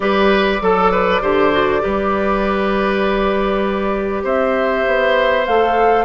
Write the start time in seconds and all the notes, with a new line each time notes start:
0.00 G3 G4 B4 D5
0.61 F#3 A4
0.91 B4
1.21 D3 G4 C5
1.52 F#4
1.80 G3 G4 B4
4.23 C4 C5 E5
4.86 B3
5.45 A3 A4 F5